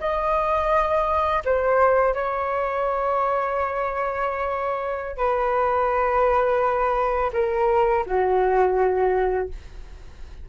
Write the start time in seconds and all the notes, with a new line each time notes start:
0.00 D#5
1.45 C5
2.14 C#5
5.17 B4
7.33 A#4
8.06 F#4